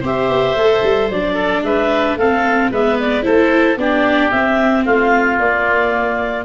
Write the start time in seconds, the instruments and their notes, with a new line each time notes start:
0.00 tuba C4, viola G4, oboe C5, clarinet E5
0.29 tuba B3
0.55 tuba A3, viola A4
0.83 tuba G3
1.10 tuba F#3, viola D4, clarinet D5
1.34 oboe A4
1.63 tuba G#3, oboe B4, clarinet E5
2.16 tuba A3, viola C4, oboe A4, clarinet F5
2.71 tuba G#3, viola B3, oboe B4, clarinet E5
3.00 clarinet D5
3.22 tuba A3, viola E4, oboe A4, clarinet C5
3.77 tuba B3, viola D4, oboe G4, clarinet D5
4.31 viola C4, tuba C4, clarinet E5
4.85 tuba A3, oboe F4, clarinet F5
5.39 tuba A#3, viola A#3, clarinet D5